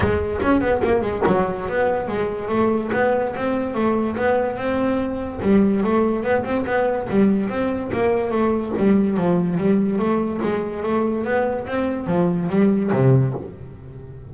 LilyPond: \new Staff \with { instrumentName = "double bass" } { \time 4/4 \tempo 4 = 144 gis4 cis'8 b8 ais8 gis8 fis4 | b4 gis4 a4 b4 | c'4 a4 b4 c'4~ | c'4 g4 a4 b8 c'8 |
b4 g4 c'4 ais4 | a4 g4 f4 g4 | a4 gis4 a4 b4 | c'4 f4 g4 c4 | }